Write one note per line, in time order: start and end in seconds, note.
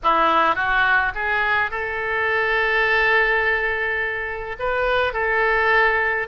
0.03 0.55 E4
0.55 1.12 F#4
1.14 1.70 G#4
1.70 4.56 A4
4.59 5.13 B4
5.13 6.27 A4